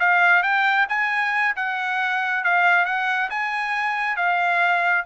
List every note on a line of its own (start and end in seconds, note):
0.00 0.43 F5
0.43 0.87 G5
0.89 1.56 G#5
1.56 2.44 F#5
2.44 2.86 F5
2.86 3.30 F#5
3.30 4.17 G#5
4.17 5.05 F5